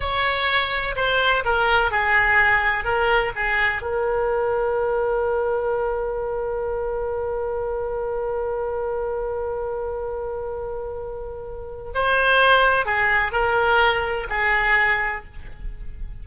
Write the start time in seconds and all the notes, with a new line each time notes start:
0.00 C#5
0.95 C5
1.45 A#4
1.91 G#4
2.84 A#4
3.35 G#4
3.82 A#4
11.94 C5
12.85 G#4
13.32 A#4
14.29 G#4